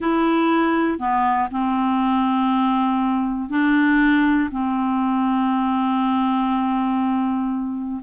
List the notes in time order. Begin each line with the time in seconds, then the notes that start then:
0.00 E4
0.99 B3
1.51 C4
3.49 D4
4.51 C4